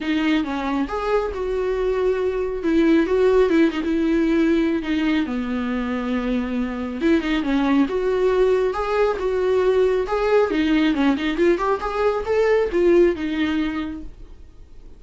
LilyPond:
\new Staff \with { instrumentName = "viola" } { \time 4/4 \tempo 4 = 137 dis'4 cis'4 gis'4 fis'4~ | fis'2 e'4 fis'4 | e'8 dis'16 e'2~ e'16 dis'4 | b1 |
e'8 dis'8 cis'4 fis'2 | gis'4 fis'2 gis'4 | dis'4 cis'8 dis'8 f'8 g'8 gis'4 | a'4 f'4 dis'2 | }